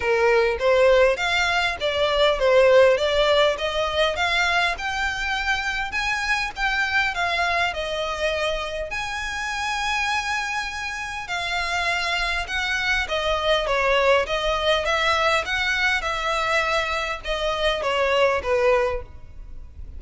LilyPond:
\new Staff \with { instrumentName = "violin" } { \time 4/4 \tempo 4 = 101 ais'4 c''4 f''4 d''4 | c''4 d''4 dis''4 f''4 | g''2 gis''4 g''4 | f''4 dis''2 gis''4~ |
gis''2. f''4~ | f''4 fis''4 dis''4 cis''4 | dis''4 e''4 fis''4 e''4~ | e''4 dis''4 cis''4 b'4 | }